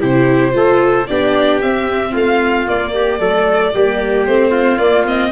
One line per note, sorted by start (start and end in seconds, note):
0.00 0.55 C3
0.00 0.52 E4
0.00 0.54 G4
0.00 1.07 C5
0.52 1.08 A3
0.52 1.05 F4
0.52 1.10 A4
1.07 1.63 B3
1.07 1.63 D4
1.07 2.12 G4
1.07 1.60 D5
1.62 2.67 C4
1.62 2.14 C4
1.62 2.15 E5
2.12 2.67 A3
2.12 2.91 F4
2.12 2.68 F5
2.67 3.20 A#3
2.67 4.26 D5
2.94 3.20 G4
3.20 3.73 F#3
3.20 3.73 A3
3.20 3.74 A4
3.75 4.27 G3
3.75 4.28 A#3
3.75 4.51 G4
4.26 4.79 A3
4.26 4.80 C4
4.26 4.78 C5
4.51 5.31 F4
4.78 5.32 A#3
4.78 5.05 A#3
4.78 5.05 D5
5.05 5.32 C4
5.05 5.32 D#5